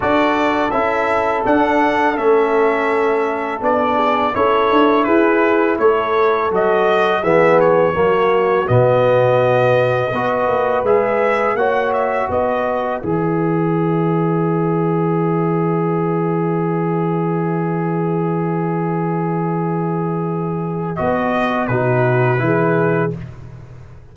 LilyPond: <<
  \new Staff \with { instrumentName = "trumpet" } { \time 4/4 \tempo 4 = 83 d''4 e''4 fis''4 e''4~ | e''4 d''4 cis''4 b'4 | cis''4 dis''4 e''8 cis''4. | dis''2. e''4 |
fis''8 e''8 dis''4 e''2~ | e''1~ | e''1~ | e''4 dis''4 b'2 | }
  \new Staff \with { instrumentName = "horn" } { \time 4/4 a'1~ | a'4. gis'8 a'4 gis'4 | a'2 gis'4 fis'4~ | fis'2 b'2 |
cis''4 b'2.~ | b'1~ | b'1~ | b'2 fis'4 gis'4 | }
  \new Staff \with { instrumentName = "trombone" } { \time 4/4 fis'4 e'4 d'4 cis'4~ | cis'4 d'4 e'2~ | e'4 fis'4 b4 ais4 | b2 fis'4 gis'4 |
fis'2 gis'2~ | gis'1~ | gis'1~ | gis'4 fis'4 dis'4 e'4 | }
  \new Staff \with { instrumentName = "tuba" } { \time 4/4 d'4 cis'4 d'4 a4~ | a4 b4 cis'8 d'8 e'4 | a4 fis4 e4 fis4 | b,2 b8 ais8 gis4 |
ais4 b4 e2~ | e1~ | e1~ | e4 b4 b,4 e4 | }
>>